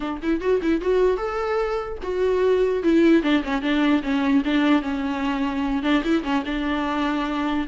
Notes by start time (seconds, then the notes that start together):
0.00 D4
0.22 E4
0.40 F#4
0.62 E4
0.81 F#4
1.17 A4
2.02 F#4
2.83 E4
3.22 D4
3.43 C#4
3.61 D4
4.02 C#4
4.44 D4
4.82 C#4
5.82 D4
6.03 E4
6.23 C#4
6.45 D4